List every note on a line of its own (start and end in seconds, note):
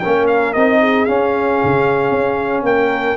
0.00 0.56 A#3
0.00 0.57 C#4
0.00 0.81 A#4
0.00 0.26 G5
0.28 0.54 F5
0.54 1.08 C4
0.54 1.08 D#4
0.54 1.06 D#5
0.81 2.65 G#4
1.06 3.17 C#4
1.06 1.62 C#4
1.06 2.64 F5
1.64 2.12 C#3
2.12 2.63 C#4
2.63 3.16 A#3
2.63 3.17 A#4
2.63 3.17 G5